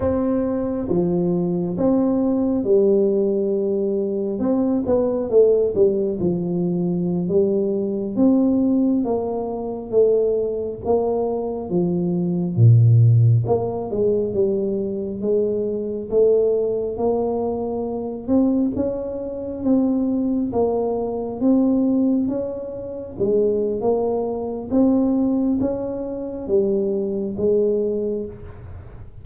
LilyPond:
\new Staff \with { instrumentName = "tuba" } { \time 4/4 \tempo 4 = 68 c'4 f4 c'4 g4~ | g4 c'8 b8 a8 g8 f4~ | f16 g4 c'4 ais4 a8.~ | a16 ais4 f4 ais,4 ais8 gis16~ |
gis16 g4 gis4 a4 ais8.~ | ais8. c'8 cis'4 c'4 ais8.~ | ais16 c'4 cis'4 gis8. ais4 | c'4 cis'4 g4 gis4 | }